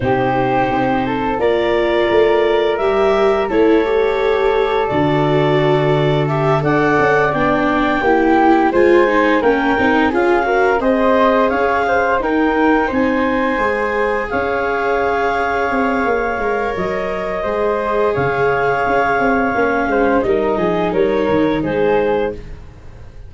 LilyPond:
<<
  \new Staff \with { instrumentName = "clarinet" } { \time 4/4 \tempo 4 = 86 c''2 d''2 | e''4 cis''2 d''4~ | d''4 e''8 fis''4 g''4.~ | g''8 gis''4 g''4 f''4 dis''8~ |
dis''8 f''4 g''4 gis''4.~ | gis''8 f''2.~ f''8 | dis''2 f''2~ | f''4 dis''4 cis''4 c''4 | }
  \new Staff \with { instrumentName = "flute" } { \time 4/4 g'4. a'8 ais'2~ | ais'4 a'2.~ | a'4. d''2 g'8~ | g'8 c''4 ais'4 gis'8 ais'8 c''8~ |
c''8 cis''8 c''8 ais'4 c''4.~ | c''8 cis''2.~ cis''8~ | cis''4 c''4 cis''2~ | cis''8 c''8 ais'8 gis'8 ais'4 gis'4 | }
  \new Staff \with { instrumentName = "viola" } { \time 4/4 dis'2 f'2 | g'4 e'8 g'4. fis'4~ | fis'4 g'8 a'4 d'4 e'8~ | e'8 f'8 dis'8 cis'8 dis'8 f'8 fis'8 gis'8~ |
gis'4. dis'2 gis'8~ | gis'2.~ gis'8 ais'8~ | ais'4 gis'2. | cis'4 dis'2. | }
  \new Staff \with { instrumentName = "tuba" } { \time 4/4 c4 c'4 ais4 a4 | g4 a2 d4~ | d4. d'8 cis'8 b4 ais8~ | ais8 gis4 ais8 c'8 cis'4 c'8~ |
c'8 cis'4 dis'4 c'4 gis8~ | gis8 cis'2 c'8 ais8 gis8 | fis4 gis4 cis4 cis'8 c'8 | ais8 gis8 g8 f8 g8 dis8 gis4 | }
>>